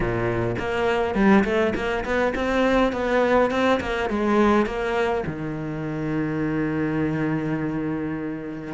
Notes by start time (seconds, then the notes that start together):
0.00 A#2
0.59 A#3
1.14 G3
1.44 A3
1.75 A#3
2.04 B3
2.35 C4
2.92 B3
3.51 C4
3.80 A#3
4.09 G#3
4.65 A#3
5.26 D#3